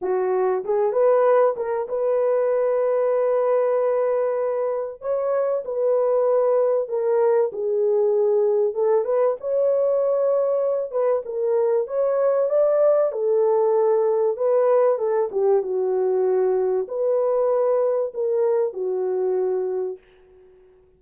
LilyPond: \new Staff \with { instrumentName = "horn" } { \time 4/4 \tempo 4 = 96 fis'4 gis'8 b'4 ais'8 b'4~ | b'1 | cis''4 b'2 ais'4 | gis'2 a'8 b'8 cis''4~ |
cis''4. b'8 ais'4 cis''4 | d''4 a'2 b'4 | a'8 g'8 fis'2 b'4~ | b'4 ais'4 fis'2 | }